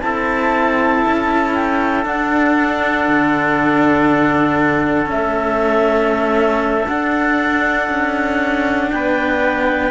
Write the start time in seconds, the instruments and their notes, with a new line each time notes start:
0.00 cello C4 E4, trumpet A4, clarinet A5
1.07 cello C#4
1.53 clarinet G5
2.03 cello D4, clarinet F#5
3.08 cello D3
5.06 cello A3 C#4, clarinet E5
6.87 cello D4, clarinet F#5
7.89 cello C#4
8.90 cello B3, trumpet B4, clarinet G5